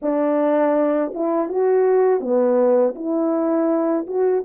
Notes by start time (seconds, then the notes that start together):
0.02 D4
1.14 E4
1.48 F#4
2.20 B3
2.95 E4
4.06 F#4